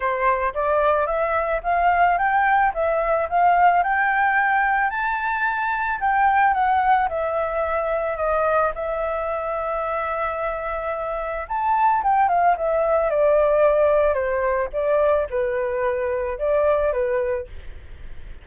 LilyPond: \new Staff \with { instrumentName = "flute" } { \time 4/4 \tempo 4 = 110 c''4 d''4 e''4 f''4 | g''4 e''4 f''4 g''4~ | g''4 a''2 g''4 | fis''4 e''2 dis''4 |
e''1~ | e''4 a''4 g''8 f''8 e''4 | d''2 c''4 d''4 | b'2 d''4 b'4 | }